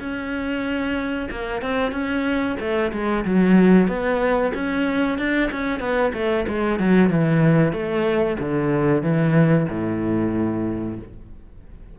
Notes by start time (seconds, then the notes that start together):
0.00 C#4
1.31 A#3
1.62 C4
1.92 C#4
2.60 A3
2.93 G#3
3.25 F#3
3.88 B3
4.55 C#4
5.18 D4
5.52 C#4
5.80 B3
6.14 A3
6.48 G#3
6.79 F#3
7.10 E3
7.73 A3
8.39 D3
9.03 E3
9.70 A2